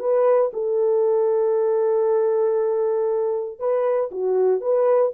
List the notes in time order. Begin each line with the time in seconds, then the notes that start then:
0.00 B4
0.53 A4
3.59 B4
4.11 F#4
4.61 B4